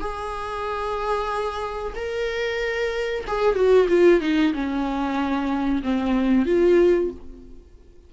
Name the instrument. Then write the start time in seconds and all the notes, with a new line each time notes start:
viola
0.00 G#4
1.96 A#4
3.27 G#4
3.55 F#4
3.89 F4
4.21 D#4
4.54 C#4
5.83 C4
6.46 F4